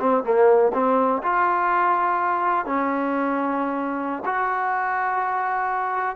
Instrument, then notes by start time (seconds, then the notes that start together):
trombone
0.00 C4
0.24 A#3
0.73 C4
1.23 F4
2.66 C#4
4.25 F#4